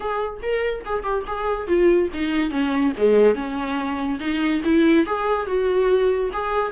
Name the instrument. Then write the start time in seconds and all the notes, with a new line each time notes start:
viola
0.00 G#4
0.42 A#4
0.85 G#4
1.03 G4
1.26 G#4
1.67 F4
2.13 D#4
2.50 C#4
2.97 G#3
3.35 C#4
4.19 D#4
4.64 E4
5.06 G#4
5.46 F#4
6.32 G#4